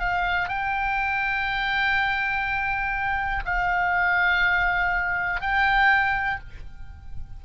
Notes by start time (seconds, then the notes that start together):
0.00 F5
0.49 G5
3.45 F5
5.41 G5